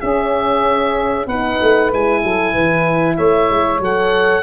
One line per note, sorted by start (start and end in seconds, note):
0.00 1.27 C#4
0.00 1.26 G#4
0.00 1.27 E5
1.26 1.58 B3
1.26 1.92 D#4
1.26 2.21 B4
1.26 1.92 F#5
1.62 1.93 A3
1.92 2.23 G#3
1.92 3.81 E4
1.92 3.17 G#5
2.23 2.55 F#3
2.23 2.52 A4
2.52 3.18 E3
2.52 3.16 B4
3.16 3.50 A3
3.16 4.43 C#5
3.16 3.80 E5
3.50 3.80 G#3
3.80 4.43 F#3
3.80 4.43 A4
3.80 4.43 F#5